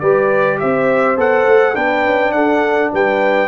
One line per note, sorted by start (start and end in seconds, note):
0.00 0.60 G3
0.00 1.17 G4
0.00 0.60 B4
0.00 0.58 D5
0.59 1.17 C4
0.59 1.76 C5
0.59 1.17 E5
1.17 1.46 B3
1.17 1.74 A4
1.17 1.75 F#5
1.46 1.76 A3
1.74 2.05 B3
1.74 3.47 D4
1.74 2.34 B4
1.74 2.32 G5
2.05 2.32 C#4
2.32 2.90 D4
2.32 2.93 A4
2.32 2.90 F#5
2.93 3.47 G3
2.93 3.47 B4
2.93 3.47 G5